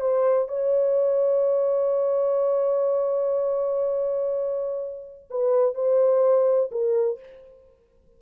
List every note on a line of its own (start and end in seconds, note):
0.00 0.48 C5
0.48 5.28 C#5
5.30 5.74 B4
5.74 6.70 C5
6.71 7.19 A#4